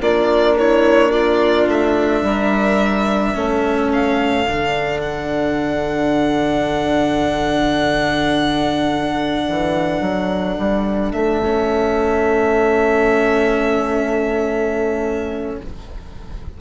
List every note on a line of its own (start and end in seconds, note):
0.00 1.67 A#3
0.00 3.34 D4
0.00 0.56 F4
0.00 0.58 D5
0.58 1.11 E4
0.58 1.11 C#5
1.11 2.22 F4
1.11 1.67 D5
1.67 2.22 A3
1.67 3.92 E5
2.22 3.33 G3
2.22 3.35 A#4
3.34 4.45 A3
3.34 4.45 C#4
3.34 15.57 A4
3.92 5.00 F5
4.45 9.45 D3
4.45 11.42 D4
5.00 11.12 F#5
9.49 10.00 E3
10.00 10.56 F#3
10.57 11.12 G3
11.12 15.57 A3
11.12 15.56 E5
11.44 15.60 C#4